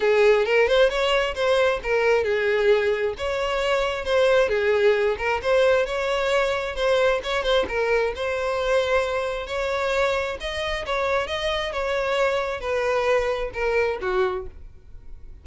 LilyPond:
\new Staff \with { instrumentName = "violin" } { \time 4/4 \tempo 4 = 133 gis'4 ais'8 c''8 cis''4 c''4 | ais'4 gis'2 cis''4~ | cis''4 c''4 gis'4. ais'8 | c''4 cis''2 c''4 |
cis''8 c''8 ais'4 c''2~ | c''4 cis''2 dis''4 | cis''4 dis''4 cis''2 | b'2 ais'4 fis'4 | }